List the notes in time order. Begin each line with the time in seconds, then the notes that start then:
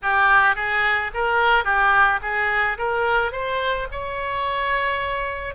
0.02 G4
0.56 G#4
1.14 A#4
1.64 G4
2.22 G#4
2.78 A#4
3.31 C5
3.91 C#5